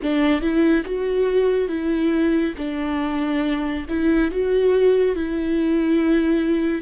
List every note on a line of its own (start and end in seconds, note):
0.02 0.41 D4
0.41 0.84 E4
0.85 1.68 F#4
1.68 2.54 E4
2.57 3.86 D4
3.88 4.31 E4
4.31 5.15 F#4
5.15 6.81 E4